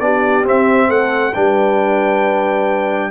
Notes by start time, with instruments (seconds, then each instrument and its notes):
0.00 tuba B3, trombone D4, horn G4, trumpet D5
0.43 trombone C4, tuba C4, trumpet E5
0.88 tuba A3, horn A4, trumpet F#5
1.34 tuba G3, trombone D4, horn B4, trumpet G5